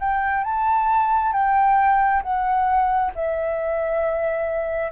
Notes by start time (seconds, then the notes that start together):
0.00 G5
0.44 A5
1.33 G5
2.23 F#5
3.15 E5